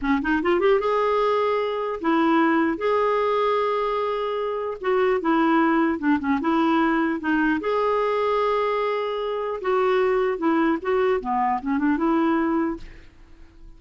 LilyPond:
\new Staff \with { instrumentName = "clarinet" } { \time 4/4 \tempo 4 = 150 cis'8 dis'8 f'8 g'8 gis'2~ | gis'4 e'2 gis'4~ | gis'1 | fis'4 e'2 d'8 cis'8 |
e'2 dis'4 gis'4~ | gis'1 | fis'2 e'4 fis'4 | b4 cis'8 d'8 e'2 | }